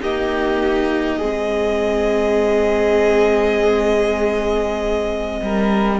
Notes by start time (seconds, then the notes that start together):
0.00 A#3 D#4 G4 D#5
1.18 G#3 C4 G#4
5.42 G3 A#4